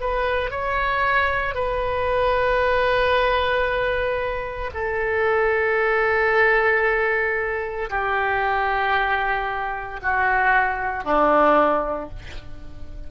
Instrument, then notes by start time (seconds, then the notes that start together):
oboe
0.00 B4
0.50 C#5
1.55 B4
4.73 A4
7.89 G4
10.02 F#4
11.04 D4